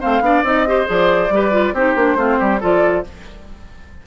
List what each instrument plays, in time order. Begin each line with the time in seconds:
0.00 bassoon A3, clarinet C4, oboe C5, flute F5
0.21 bassoon B3, clarinet D4, oboe D5
0.43 bassoon C4, clarinet D#4, flute D#5
0.67 clarinet G4, oboe C5
0.86 bassoon F3, clarinet G#4, flute D5
1.29 bassoon G3, clarinet G4, oboe B4
1.52 clarinet F4
1.73 bassoon C4, clarinet D#4, oboe G4, flute C5
1.95 bassoon A#3, clarinet D4
2.16 bassoon A3, clarinet C4, oboe F4
2.39 bassoon G3, oboe G4
2.60 bassoon F3, clarinet F4, oboe A4, flute D5